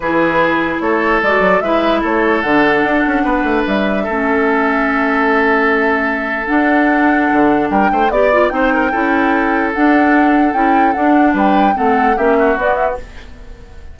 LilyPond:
<<
  \new Staff \with { instrumentName = "flute" } { \time 4/4 \tempo 4 = 148 b'2 cis''4 d''4 | e''4 cis''4 fis''2~ | fis''4 e''2.~ | e''1 |
fis''2. g''4 | d''4 g''2. | fis''2 g''4 fis''4 | g''4 fis''4 e''4 d''8 e''8 | }
  \new Staff \with { instrumentName = "oboe" } { \time 4/4 gis'2 a'2 | b'4 a'2. | b'2 a'2~ | a'1~ |
a'2. ais'8 c''8 | d''4 c''8 ais'8 a'2~ | a'1 | b'4 a'4 g'8 fis'4. | }
  \new Staff \with { instrumentName = "clarinet" } { \time 4/4 e'2. fis'4 | e'2 d'2~ | d'2 cis'2~ | cis'1 |
d'1 | g'8 f'8 dis'4 e'2 | d'2 e'4 d'4~ | d'4 c'4 cis'4 b4 | }
  \new Staff \with { instrumentName = "bassoon" } { \time 4/4 e2 a4 gis8 fis8 | gis4 a4 d4 d'8 cis'8 | b8 a8 g4 a2~ | a1 |
d'2 d4 g8 a8 | b4 c'4 cis'2 | d'2 cis'4 d'4 | g4 a4 ais4 b4 | }
>>